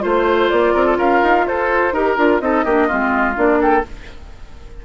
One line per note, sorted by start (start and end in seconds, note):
0.00 0.51 A3
0.00 1.90 F4
0.00 0.49 C5
0.00 0.73 C5
0.49 0.75 A#3
0.49 0.97 D5
0.73 0.97 C4
0.73 0.85 A#4
0.85 0.97 A4
0.97 1.21 C#4
0.97 1.45 A#4
0.97 1.46 F5
1.23 1.46 D#4
1.46 1.92 F4
1.46 1.93 A4
1.46 1.94 C5
1.92 2.16 D#4
1.92 2.17 G4
1.92 2.41 A#4
1.92 2.40 A#4
2.17 2.40 D4
2.17 2.40 F4
2.40 2.64 C4
2.40 2.64 D#4
2.40 2.64 A4
2.40 3.35 D#5
2.64 2.89 A#3
2.64 2.89 D4
2.64 2.87 G4
2.87 3.36 G#3
2.87 3.34 C4
2.87 3.58 F4
3.34 3.84 A#3
3.34 3.82 D4
3.34 3.61 D5
3.61 3.84 A4
3.61 3.85 G5